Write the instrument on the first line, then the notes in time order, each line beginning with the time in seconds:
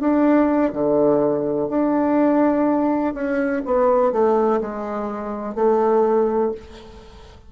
bassoon
0.00 D4
0.73 D3
1.69 D4
3.14 C#4
3.65 B3
4.12 A3
4.61 G#3
5.55 A3